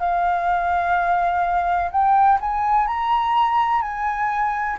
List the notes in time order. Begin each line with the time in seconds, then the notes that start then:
0.00 F5
1.91 G5
2.41 G#5
2.87 A#5
3.82 G#5